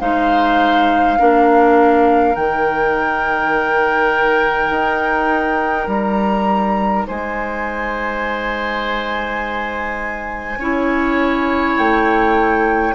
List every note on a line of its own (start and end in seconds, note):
0.00 1.18 G#3
0.00 1.18 D#4
0.00 1.18 C5
0.00 2.35 F5
1.18 2.36 A#3
1.18 2.34 D4
1.18 7.07 A#4
2.34 4.70 D#3
2.34 10.58 D#4
2.34 5.88 G5
4.70 5.87 D#4
5.87 7.05 G3
5.87 7.07 A#5
7.07 10.58 G#3
7.07 10.59 C5
7.07 11.78 G#5
10.58 11.75 C#4
10.58 12.94 E4
10.58 12.94 C#5
11.78 12.94 A3
11.78 12.94 G5